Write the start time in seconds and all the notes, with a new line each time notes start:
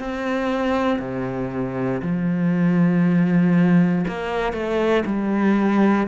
0.00 C4
1.00 C3
2.02 F3
4.08 A#3
4.53 A3
5.06 G3